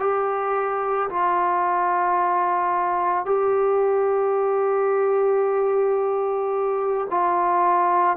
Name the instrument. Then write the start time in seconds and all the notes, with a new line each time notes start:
trombone
0.00 G4
1.09 F4
3.25 G4
7.10 F4